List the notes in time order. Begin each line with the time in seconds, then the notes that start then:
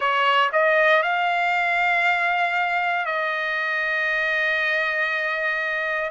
0.00 C#5
0.52 D#5
1.03 F5
3.05 D#5